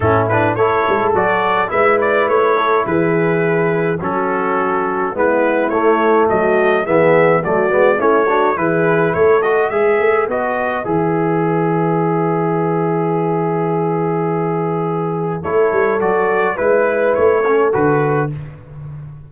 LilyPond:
<<
  \new Staff \with { instrumentName = "trumpet" } { \time 4/4 \tempo 4 = 105 a'8 b'8 cis''4 d''4 e''8 d''8 | cis''4 b'2 a'4~ | a'4 b'4 cis''4 dis''4 | e''4 d''4 cis''4 b'4 |
cis''8 dis''8 e''4 dis''4 e''4~ | e''1~ | e''2. cis''4 | d''4 b'4 cis''4 b'4 | }
  \new Staff \with { instrumentName = "horn" } { \time 4/4 e'4 a'2 b'4~ | b'8 a'8 gis'2 fis'4~ | fis'4 e'2 fis'4 | gis'4 fis'4 e'8 fis'8 gis'4 |
a'4 b'2.~ | b'1~ | b'2. a'4~ | a'4 b'4. a'4. | }
  \new Staff \with { instrumentName = "trombone" } { \time 4/4 cis'8 d'8 e'4 fis'4 e'4~ | e'2. cis'4~ | cis'4 b4 a2 | b4 a8 b8 cis'8 d'8 e'4~ |
e'8 fis'8 gis'4 fis'4 gis'4~ | gis'1~ | gis'2. e'4 | fis'4 e'4. cis'8 fis'4 | }
  \new Staff \with { instrumentName = "tuba" } { \time 4/4 a,4 a8 gis8 fis4 gis4 | a4 e2 fis4~ | fis4 gis4 a4 fis4 | e4 fis8 gis8 a4 e4 |
a4 gis8 a8 b4 e4~ | e1~ | e2. a8 g8 | fis4 gis4 a4 d4 | }
>>